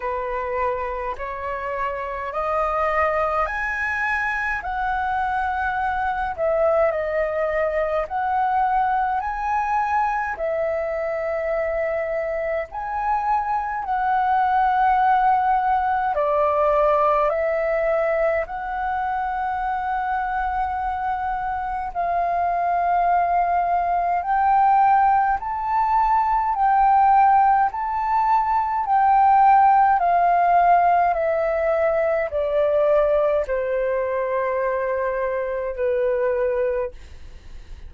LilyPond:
\new Staff \with { instrumentName = "flute" } { \time 4/4 \tempo 4 = 52 b'4 cis''4 dis''4 gis''4 | fis''4. e''8 dis''4 fis''4 | gis''4 e''2 gis''4 | fis''2 d''4 e''4 |
fis''2. f''4~ | f''4 g''4 a''4 g''4 | a''4 g''4 f''4 e''4 | d''4 c''2 b'4 | }